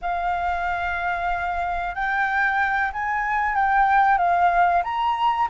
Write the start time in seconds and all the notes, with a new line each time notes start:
0.01 F5
1.94 G5
2.92 G#5
3.55 G5
4.18 F5
4.83 A#5